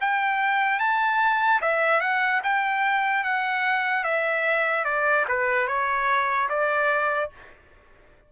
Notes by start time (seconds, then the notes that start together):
0.00 G5
0.79 A5
1.61 E5
2.00 F#5
2.43 G5
3.24 F#5
4.04 E5
4.84 D5
5.28 B4
5.67 C#5
6.49 D5